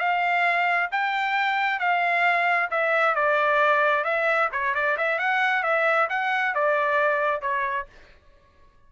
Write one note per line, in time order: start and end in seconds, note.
0.00 0.90 F5
0.92 1.80 G5
1.80 2.70 F5
2.71 3.15 E5
3.15 4.05 D5
4.05 4.50 E5
4.53 4.75 C#5
4.75 4.98 D5
4.98 5.19 E5
5.19 5.63 F#5
5.63 6.09 E5
6.10 6.55 F#5
6.55 7.42 D5
7.42 7.87 C#5